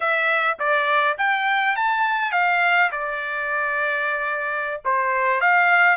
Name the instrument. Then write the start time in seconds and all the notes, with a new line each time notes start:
trumpet
0.00 E5
0.59 D5
1.18 G5
1.76 A5
2.32 F5
2.91 D5
4.85 C5
5.40 F5